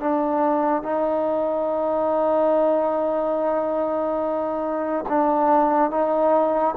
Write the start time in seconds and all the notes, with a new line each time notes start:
0.00 D4
0.82 D#4
5.09 D4
5.90 D#4